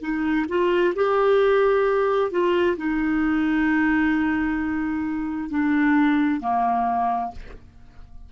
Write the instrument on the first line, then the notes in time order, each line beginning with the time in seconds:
clarinet
0.00 D#4
0.48 F4
0.95 G4
2.31 F4
2.77 D#4
5.50 D4
6.40 A#3